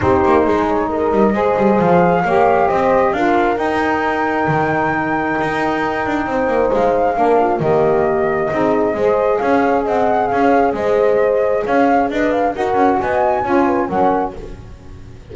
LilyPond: <<
  \new Staff \with { instrumentName = "flute" } { \time 4/4 \tempo 4 = 134 c''4. cis''8 dis''2 | f''2 dis''4 f''4 | g''1~ | g''2. f''4~ |
f''4 dis''2.~ | dis''4 f''4 fis''4 f''4 | dis''2 f''4 dis''8 f''8 | fis''4 gis''2 fis''4 | }
  \new Staff \with { instrumentName = "horn" } { \time 4/4 g'4 gis'4 ais'4 c''4~ | c''4 cis''4 c''4 ais'4~ | ais'1~ | ais'2 c''2 |
ais'8 f'8 g'2 gis'4 | c''4 cis''4 dis''4 cis''4 | c''2 cis''4 b'4 | ais'4 dis''4 cis''8 b'8 ais'4 | }
  \new Staff \with { instrumentName = "saxophone" } { \time 4/4 dis'2. gis'4~ | gis'4 g'2 f'4 | dis'1~ | dis'1 |
d'4 ais2 dis'4 | gis'1~ | gis'1 | fis'2 f'4 cis'4 | }
  \new Staff \with { instrumentName = "double bass" } { \time 4/4 c'8 ais8 gis4. g8 gis8 g8 | f4 ais4 c'4 d'4 | dis'2 dis2 | dis'4. d'8 c'8 ais8 gis4 |
ais4 dis2 c'4 | gis4 cis'4 c'4 cis'4 | gis2 cis'4 d'4 | dis'8 cis'8 b4 cis'4 fis4 | }
>>